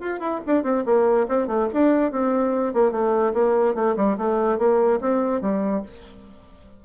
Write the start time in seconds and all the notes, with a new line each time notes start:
0.00 F4
0.20 E4
0.46 D4
0.63 C4
0.85 A#3
1.28 C4
1.47 A3
1.73 D4
2.12 C4
2.73 A#3
2.92 A3
3.34 A#3
3.75 A3
3.96 G3
4.18 A3
4.58 A#3
5.01 C4
5.41 G3